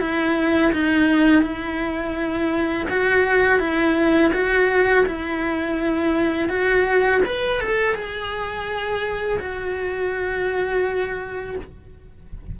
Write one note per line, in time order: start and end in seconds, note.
0.00 0.72 E4
0.73 1.42 D#4
1.42 2.87 E4
2.90 3.59 F#4
3.59 4.32 E4
4.33 5.06 F#4
5.06 6.49 E4
6.49 7.21 F#4
7.26 7.61 B4
7.61 7.95 A4
7.95 9.39 G#4
9.39 11.56 F#4